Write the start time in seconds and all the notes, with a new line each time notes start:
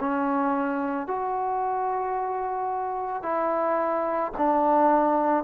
0.00 C#4
1.07 F#4
3.23 E4
4.37 D4